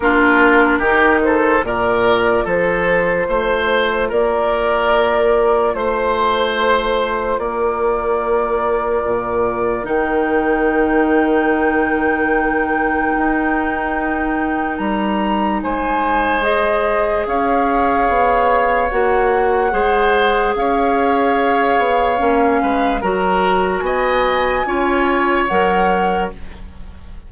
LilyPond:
<<
  \new Staff \with { instrumentName = "flute" } { \time 4/4 \tempo 4 = 73 ais'4. c''8 d''4 c''4~ | c''4 d''2 c''4~ | c''4 d''2. | g''1~ |
g''2 ais''4 gis''4 | dis''4 f''2 fis''4~ | fis''4 f''2. | ais''4 gis''2 fis''4 | }
  \new Staff \with { instrumentName = "oboe" } { \time 4/4 f'4 g'8 a'8 ais'4 a'4 | c''4 ais'2 c''4~ | c''4 ais'2.~ | ais'1~ |
ais'2. c''4~ | c''4 cis''2. | c''4 cis''2~ cis''8 b'8 | ais'4 dis''4 cis''2 | }
  \new Staff \with { instrumentName = "clarinet" } { \time 4/4 d'4 dis'4 f'2~ | f'1~ | f'1 | dis'1~ |
dis'1 | gis'2. fis'4 | gis'2. cis'4 | fis'2 f'4 ais'4 | }
  \new Staff \with { instrumentName = "bassoon" } { \time 4/4 ais4 dis4 ais,4 f4 | a4 ais2 a4~ | a4 ais2 ais,4 | dis1 |
dis'2 g4 gis4~ | gis4 cis'4 b4 ais4 | gis4 cis'4. b8 ais8 gis8 | fis4 b4 cis'4 fis4 | }
>>